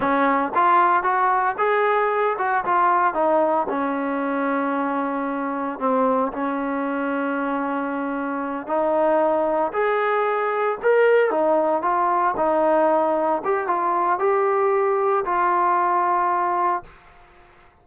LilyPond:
\new Staff \with { instrumentName = "trombone" } { \time 4/4 \tempo 4 = 114 cis'4 f'4 fis'4 gis'4~ | gis'8 fis'8 f'4 dis'4 cis'4~ | cis'2. c'4 | cis'1~ |
cis'8 dis'2 gis'4.~ | gis'8 ais'4 dis'4 f'4 dis'8~ | dis'4. g'8 f'4 g'4~ | g'4 f'2. | }